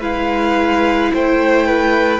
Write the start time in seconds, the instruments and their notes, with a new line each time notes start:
0.00 cello G#3, viola E4, violin B4 F5
1.13 cello A3, violin C5 G5
1.66 violin B4